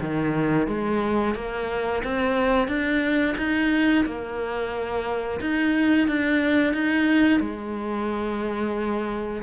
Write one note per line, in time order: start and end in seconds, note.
0.00 0.67 D#3
0.67 1.35 G#3
1.35 2.02 A#3
2.03 2.68 C4
2.68 3.35 D4
3.37 4.05 D#4
4.05 5.40 A#3
5.41 6.08 D#4
6.08 6.73 D4
6.73 7.40 D#4
7.40 9.42 G#3